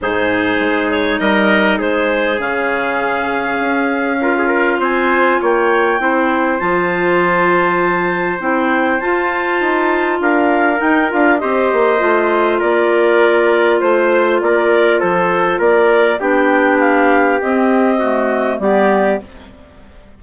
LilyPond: <<
  \new Staff \with { instrumentName = "clarinet" } { \time 4/4 \tempo 4 = 100 c''4. cis''8 dis''4 c''4 | f''1 | gis''4 g''2 a''4~ | a''2 g''4 a''4~ |
a''4 f''4 g''8 f''8 dis''4~ | dis''4 d''2 c''4 | d''4 c''4 d''4 g''4 | f''4 dis''2 d''4 | }
  \new Staff \with { instrumentName = "trumpet" } { \time 4/4 gis'2 ais'4 gis'4~ | gis'2. ais'16 gis'16 ais'8 | c''4 cis''4 c''2~ | c''1~ |
c''4 ais'2 c''4~ | c''4 ais'2 c''4 | ais'4 a'4 ais'4 g'4~ | g'2 fis'4 g'4 | }
  \new Staff \with { instrumentName = "clarinet" } { \time 4/4 dis'1 | cis'2. f'4~ | f'2 e'4 f'4~ | f'2 e'4 f'4~ |
f'2 dis'8 f'8 g'4 | f'1~ | f'2. d'4~ | d'4 c'4 a4 b4 | }
  \new Staff \with { instrumentName = "bassoon" } { \time 4/4 gis,4 gis4 g4 gis4 | cis2 cis'2 | c'4 ais4 c'4 f4~ | f2 c'4 f'4 |
dis'4 d'4 dis'8 d'8 c'8 ais8 | a4 ais2 a4 | ais4 f4 ais4 b4~ | b4 c'2 g4 | }
>>